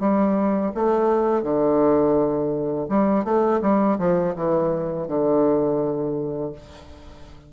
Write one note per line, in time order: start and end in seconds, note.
0.00 0.72 G3
0.75 1.43 A3
1.43 2.88 D3
2.89 3.25 G3
3.25 3.61 A3
3.62 3.98 G3
3.99 4.35 F3
4.36 5.08 E3
5.08 6.53 D3